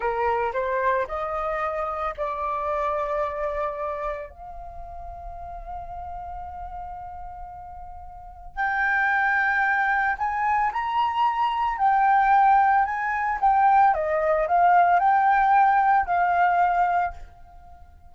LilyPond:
\new Staff \with { instrumentName = "flute" } { \time 4/4 \tempo 4 = 112 ais'4 c''4 dis''2 | d''1 | f''1~ | f''1 |
g''2. gis''4 | ais''2 g''2 | gis''4 g''4 dis''4 f''4 | g''2 f''2 | }